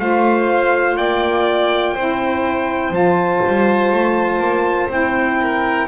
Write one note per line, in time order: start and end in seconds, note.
0.00 0.98 A3
0.00 1.97 F4
0.00 0.98 C5
0.00 0.97 F5
0.97 1.96 A#3
0.97 1.94 D5
0.97 2.94 G5
1.94 2.91 C4
1.94 2.93 E4
1.94 5.38 C5
2.91 3.40 F3
2.91 4.90 F4
2.91 4.91 A5
3.47 3.93 G3
3.93 4.40 A3
4.40 4.89 A#3
4.89 5.87 C4
4.89 5.88 E4
4.89 5.88 G5
5.42 5.88 A#4